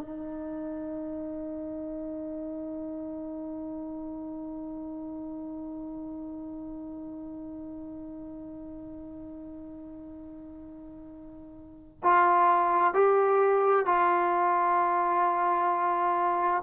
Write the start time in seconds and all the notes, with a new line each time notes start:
0.00 D#4
12.03 F4
12.94 G4
13.86 F4